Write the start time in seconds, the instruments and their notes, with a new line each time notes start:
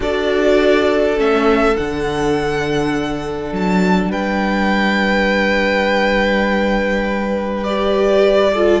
0.00 cello D4, viola F#4, violin A4 D5
1.17 cello A3, viola C#4, violin E5
1.75 cello D3, viola D4, violin F#5
3.52 cello F#3, violin A5
4.10 cello G3, violin B4 G5
7.63 viola G4, violin D5
8.52 viola F4, violin A4